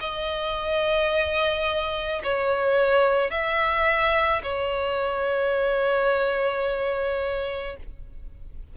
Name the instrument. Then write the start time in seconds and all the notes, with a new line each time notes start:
violin
0.00 D#5
2.23 C#5
3.30 E5
4.43 C#5